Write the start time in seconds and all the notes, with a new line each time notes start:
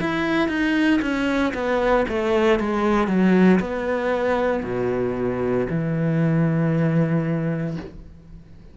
0.00 E4
0.48 D#4
1.01 C#4
1.54 B3
2.08 A3
2.59 G#3
3.08 F#3
3.60 B3
4.63 B2
5.69 E3